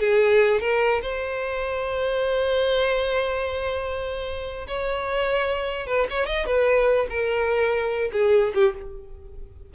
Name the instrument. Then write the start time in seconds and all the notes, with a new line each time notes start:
violin
0.00 G#4
0.61 A#4
1.02 C5
4.68 C#5
5.87 B4
6.11 C#5
6.27 D#5
6.46 B4
7.10 A#4
8.13 G#4
8.55 G4